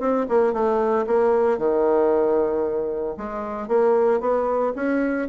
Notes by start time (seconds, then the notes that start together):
0.00 C4
0.29 A#3
0.53 A3
1.07 A#3
1.58 D#3
3.17 G#3
3.68 A#3
4.21 B3
4.76 C#4